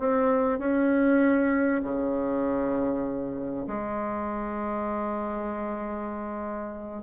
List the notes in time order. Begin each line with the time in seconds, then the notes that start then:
0.00 C4
0.60 C#4
1.83 C#3
3.67 G#3